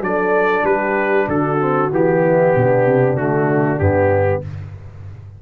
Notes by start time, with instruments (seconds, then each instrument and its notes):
0.00 tuba F#3, trombone D4, horn A4, trumpet D5
0.63 tuba G3, horn G4, trumpet B4
1.28 tuba D3, horn F#4, trumpet A4
1.59 trombone C4
1.91 tuba E3, trombone B3, trumpet G4
2.23 horn E4
2.55 tuba B2, horn D4
2.86 tuba C3
3.15 tuba D3, trombone A3, trumpet F#4
3.79 tuba G2, trombone B3, trumpet G4